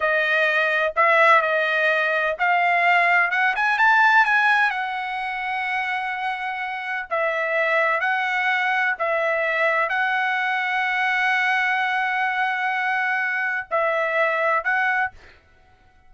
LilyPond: \new Staff \with { instrumentName = "trumpet" } { \time 4/4 \tempo 4 = 127 dis''2 e''4 dis''4~ | dis''4 f''2 fis''8 gis''8 | a''4 gis''4 fis''2~ | fis''2. e''4~ |
e''4 fis''2 e''4~ | e''4 fis''2.~ | fis''1~ | fis''4 e''2 fis''4 | }